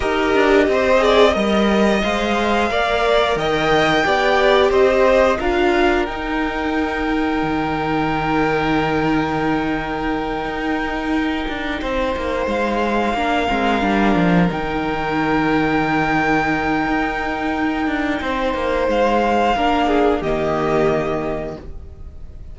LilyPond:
<<
  \new Staff \with { instrumentName = "violin" } { \time 4/4 \tempo 4 = 89 dis''2. f''4~ | f''4 g''2 dis''4 | f''4 g''2.~ | g''1~ |
g''2~ g''8 f''4.~ | f''4. g''2~ g''8~ | g''1 | f''2 dis''2 | }
  \new Staff \with { instrumentName = "violin" } { \time 4/4 ais'4 c''8 d''8 dis''2 | d''4 dis''4 d''4 c''4 | ais'1~ | ais'1~ |
ais'4. c''2 ais'8~ | ais'1~ | ais'2. c''4~ | c''4 ais'8 gis'8 g'2 | }
  \new Staff \with { instrumentName = "viola" } { \time 4/4 g'4. gis'8 ais'4 c''4 | ais'2 g'2 | f'4 dis'2.~ | dis'1~ |
dis'2.~ dis'8 d'8 | c'8 d'4 dis'2~ dis'8~ | dis'1~ | dis'4 d'4 ais2 | }
  \new Staff \with { instrumentName = "cello" } { \time 4/4 dis'8 d'8 c'4 g4 gis4 | ais4 dis4 b4 c'4 | d'4 dis'2 dis4~ | dis2.~ dis8 dis'8~ |
dis'4 d'8 c'8 ais8 gis4 ais8 | gis8 g8 f8 dis2~ dis8~ | dis4 dis'4. d'8 c'8 ais8 | gis4 ais4 dis2 | }
>>